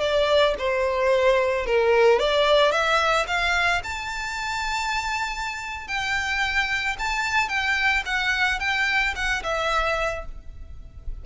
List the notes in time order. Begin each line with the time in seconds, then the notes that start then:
0.00 D5
0.58 C5
1.66 A#4
2.19 D5
2.71 E5
3.27 F5
3.84 A5
5.87 G5
6.98 A5
7.49 G5
8.06 F#5
8.60 G5
9.16 F#5
9.43 E5